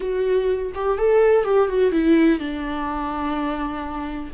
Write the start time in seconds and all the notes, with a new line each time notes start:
0.00 F#4
0.74 G4
0.98 A4
1.44 G4
1.68 F#4
1.91 E4
2.39 D4